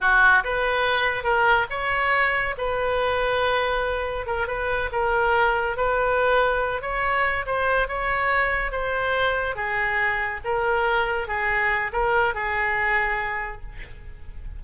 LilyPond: \new Staff \with { instrumentName = "oboe" } { \time 4/4 \tempo 4 = 141 fis'4 b'2 ais'4 | cis''2 b'2~ | b'2 ais'8 b'4 ais'8~ | ais'4. b'2~ b'8 |
cis''4. c''4 cis''4.~ | cis''8 c''2 gis'4.~ | gis'8 ais'2 gis'4. | ais'4 gis'2. | }